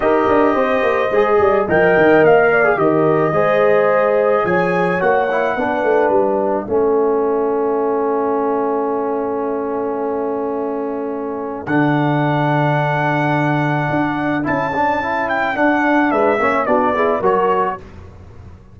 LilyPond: <<
  \new Staff \with { instrumentName = "trumpet" } { \time 4/4 \tempo 4 = 108 dis''2. g''4 | f''4 dis''2. | gis''4 fis''2 e''4~ | e''1~ |
e''1~ | e''4 fis''2.~ | fis''2 a''4. g''8 | fis''4 e''4 d''4 cis''4 | }
  \new Staff \with { instrumentName = "horn" } { \time 4/4 ais'4 c''4. d''8 dis''4~ | dis''8 d''8 ais'4 c''2 | cis''2 b'2 | a'1~ |
a'1~ | a'1~ | a'1~ | a'4 b'8 cis''8 fis'8 gis'8 ais'4 | }
  \new Staff \with { instrumentName = "trombone" } { \time 4/4 g'2 gis'4 ais'4~ | ais'8. gis'16 g'4 gis'2~ | gis'4 fis'8 e'8 d'2 | cis'1~ |
cis'1~ | cis'4 d'2.~ | d'2 e'8 d'8 e'4 | d'4. cis'8 d'8 e'8 fis'4 | }
  \new Staff \with { instrumentName = "tuba" } { \time 4/4 dis'8 d'8 c'8 ais8 gis8 g8 f8 dis8 | ais4 dis4 gis2 | f4 ais4 b8 a8 g4 | a1~ |
a1~ | a4 d2.~ | d4 d'4 cis'2 | d'4 gis8 ais8 b4 fis4 | }
>>